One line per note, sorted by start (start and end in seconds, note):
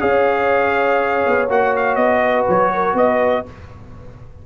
0.00 1.25 C#4
0.00 1.48 G#4
0.00 2.21 C#5
0.00 1.48 F5
1.26 1.49 B3
1.49 1.96 A#3
1.49 3.46 F#4
1.49 1.75 F#5
1.76 1.95 F5
1.95 2.45 B3
1.95 2.44 D#5
2.23 2.73 B4
2.48 2.93 F#3
2.48 2.97 C#5
2.73 2.96 A#4
2.93 3.43 B3
2.93 3.45 B4
2.93 3.46 D#5